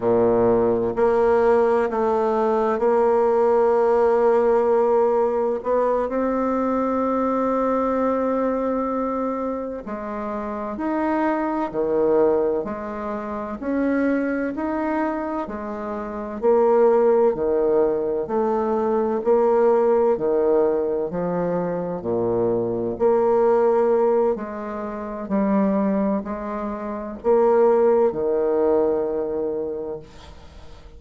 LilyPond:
\new Staff \with { instrumentName = "bassoon" } { \time 4/4 \tempo 4 = 64 ais,4 ais4 a4 ais4~ | ais2 b8 c'4.~ | c'2~ c'8 gis4 dis'8~ | dis'8 dis4 gis4 cis'4 dis'8~ |
dis'8 gis4 ais4 dis4 a8~ | a8 ais4 dis4 f4 ais,8~ | ais,8 ais4. gis4 g4 | gis4 ais4 dis2 | }